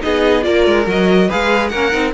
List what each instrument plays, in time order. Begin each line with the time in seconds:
0.00 cello B3, viola D#4, violin G#4 D#5
0.42 cello A#3, viola F4, violin A#4 D5
0.67 cello G#3
0.87 cello F#3, viola F#4, violin D#5
1.28 cello G#3, viola G#4, violin B4 F5
1.69 cello A#3, viola C#4, violin A#4 F#5
1.92 cello C4, viola D#4